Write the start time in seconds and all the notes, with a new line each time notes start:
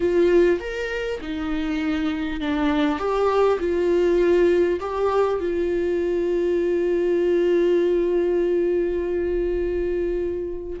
0.00 F4
0.59 A#4
1.21 D#4
2.40 D4
2.98 G4
3.59 F4
4.80 G4
5.39 F4